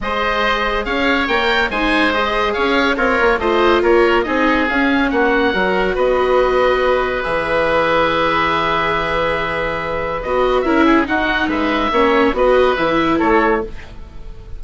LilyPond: <<
  \new Staff \with { instrumentName = "oboe" } { \time 4/4 \tempo 4 = 141 dis''2 f''4 g''4 | gis''4 dis''4 f''4 cis''4 | dis''4 cis''4 dis''4 f''4 | fis''2 dis''2~ |
dis''4 e''2.~ | e''1 | dis''4 e''4 fis''4 e''4~ | e''4 dis''4 e''4 cis''4 | }
  \new Staff \with { instrumentName = "oboe" } { \time 4/4 c''2 cis''2 | c''2 cis''4 f'4 | c''4 ais'4 gis'2 | fis'4 ais'4 b'2~ |
b'1~ | b'1~ | b'4 ais'8 gis'8 fis'4 b'4 | cis''4 b'2 a'4 | }
  \new Staff \with { instrumentName = "viola" } { \time 4/4 gis'2. ais'4 | dis'4 gis'2 ais'4 | f'2 dis'4 cis'4~ | cis'4 fis'2.~ |
fis'4 gis'2.~ | gis'1 | fis'4 e'4 dis'2 | cis'4 fis'4 e'2 | }
  \new Staff \with { instrumentName = "bassoon" } { \time 4/4 gis2 cis'4 ais4 | gis2 cis'4 c'8 ais8 | a4 ais4 c'4 cis'4 | ais4 fis4 b2~ |
b4 e2.~ | e1 | b4 cis'4 dis'4 gis4 | ais4 b4 e4 a4 | }
>>